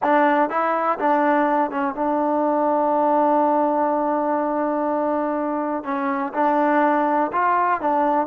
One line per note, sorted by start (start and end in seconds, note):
0.02 0.49 D4
0.49 0.98 E4
0.98 1.70 D4
1.70 1.94 C#4
1.94 5.84 D4
5.84 6.33 C#4
6.33 7.31 D4
7.32 7.80 F4
7.80 8.27 D4